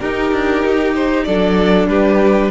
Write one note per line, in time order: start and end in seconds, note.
0.00 0.32 D#4
0.00 1.28 D#4
0.00 1.25 G4
0.00 0.94 A#4
0.32 0.63 D4
0.66 1.28 D#4
0.95 1.24 C5
1.24 1.88 F#3
1.24 2.51 D4
1.24 1.90 A4
1.24 1.87 D5
1.88 2.50 G3
1.88 2.51 G4
1.88 2.51 B4